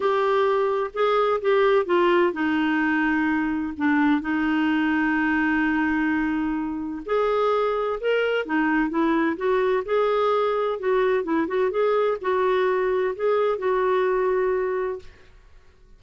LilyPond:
\new Staff \with { instrumentName = "clarinet" } { \time 4/4 \tempo 4 = 128 g'2 gis'4 g'4 | f'4 dis'2. | d'4 dis'2.~ | dis'2. gis'4~ |
gis'4 ais'4 dis'4 e'4 | fis'4 gis'2 fis'4 | e'8 fis'8 gis'4 fis'2 | gis'4 fis'2. | }